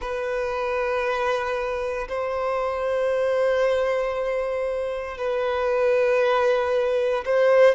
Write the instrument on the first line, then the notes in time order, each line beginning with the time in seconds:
violin
0.01 B4
2.08 C5
5.17 B4
7.25 C5